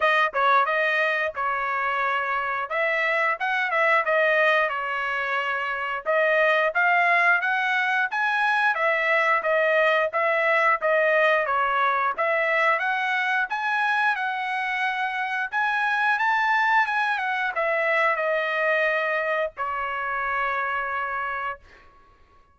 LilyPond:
\new Staff \with { instrumentName = "trumpet" } { \time 4/4 \tempo 4 = 89 dis''8 cis''8 dis''4 cis''2 | e''4 fis''8 e''8 dis''4 cis''4~ | cis''4 dis''4 f''4 fis''4 | gis''4 e''4 dis''4 e''4 |
dis''4 cis''4 e''4 fis''4 | gis''4 fis''2 gis''4 | a''4 gis''8 fis''8 e''4 dis''4~ | dis''4 cis''2. | }